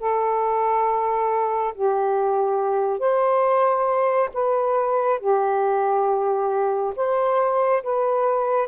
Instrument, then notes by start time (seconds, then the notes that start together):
saxophone
0.00 A4
1.75 G4
3.00 C5
4.34 B4
5.20 G4
6.96 C5
7.83 B4